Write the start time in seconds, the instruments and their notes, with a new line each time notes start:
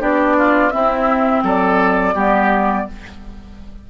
0.00 bassoon B3, clarinet D4, oboe G4, flute D5
0.38 oboe F4
0.71 clarinet C4, bassoon C4, oboe E4, flute E5
1.43 bassoon F#3, oboe A4, flute D5
2.14 bassoon G3, clarinet B3, oboe G4